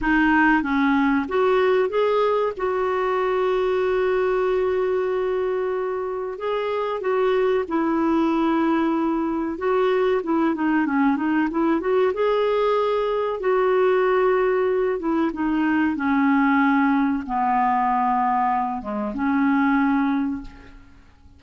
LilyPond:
\new Staff \with { instrumentName = "clarinet" } { \time 4/4 \tempo 4 = 94 dis'4 cis'4 fis'4 gis'4 | fis'1~ | fis'2 gis'4 fis'4 | e'2. fis'4 |
e'8 dis'8 cis'8 dis'8 e'8 fis'8 gis'4~ | gis'4 fis'2~ fis'8 e'8 | dis'4 cis'2 b4~ | b4. gis8 cis'2 | }